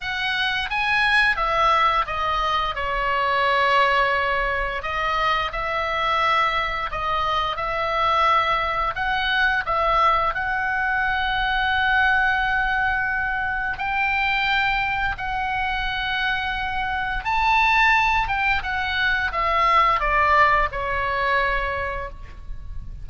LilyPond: \new Staff \with { instrumentName = "oboe" } { \time 4/4 \tempo 4 = 87 fis''4 gis''4 e''4 dis''4 | cis''2. dis''4 | e''2 dis''4 e''4~ | e''4 fis''4 e''4 fis''4~ |
fis''1 | g''2 fis''2~ | fis''4 a''4. g''8 fis''4 | e''4 d''4 cis''2 | }